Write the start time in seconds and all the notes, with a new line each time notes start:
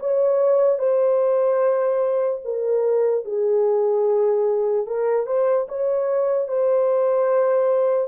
0.00 C#5
0.79 C5
2.45 A#4
3.25 G#4
4.87 A#4
5.27 C5
5.69 C#5
6.48 C5